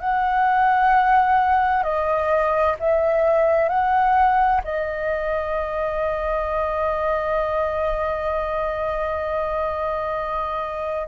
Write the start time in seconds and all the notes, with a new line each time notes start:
0.00 F#5
1.83 D#5
2.79 E5
3.69 F#5
4.64 D#5